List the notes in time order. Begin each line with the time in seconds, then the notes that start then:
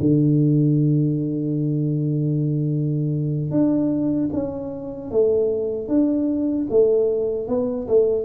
0.00 D3
3.51 D4
4.33 C#4
5.11 A3
5.89 D4
6.70 A3
7.48 B3
7.88 A3